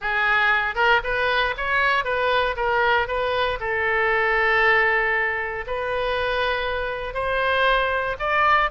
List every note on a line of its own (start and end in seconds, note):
0.01 0.75 G#4
0.75 1.00 A#4
1.03 1.55 B4
1.57 2.04 C#5
2.04 2.55 B4
2.56 3.07 A#4
3.07 3.58 B4
3.59 5.65 A4
5.66 7.14 B4
7.14 8.16 C5
8.19 8.70 D5